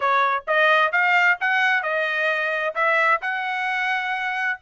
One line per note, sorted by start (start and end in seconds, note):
0.00 0.44 C#5
0.47 0.92 D#5
0.92 1.38 F5
1.40 1.82 F#5
1.82 2.74 D#5
2.75 3.20 E5
3.21 4.59 F#5